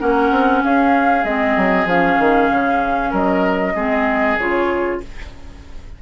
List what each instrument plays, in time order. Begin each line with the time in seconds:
0.00 bassoon A#3, clarinet C#4, oboe A#4, flute F#5
0.31 bassoon C4
0.64 bassoon C#4, oboe G#4, flute F5
1.24 bassoon G#3, clarinet C4, flute D#5
1.57 bassoon F#3
1.85 bassoon F3, clarinet C#4, flute F5
2.20 bassoon D#3
2.51 bassoon C#3
3.11 bassoon F#3, oboe A#4, flute D#5
3.75 bassoon G#3, clarinet C4, oboe G#4
4.38 bassoon C#3, clarinet F4, flute C#5